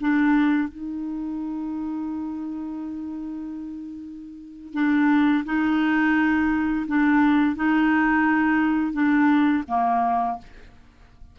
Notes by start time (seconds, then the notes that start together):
0.00 D4
0.68 D#4
4.73 D4
5.45 D#4
6.87 D4
7.56 D#4
8.93 D4
9.67 A#3